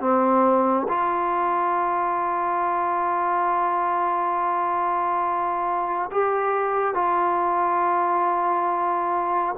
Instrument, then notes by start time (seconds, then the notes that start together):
trombone
0.00 C4
0.89 F4
6.11 G4
6.94 F4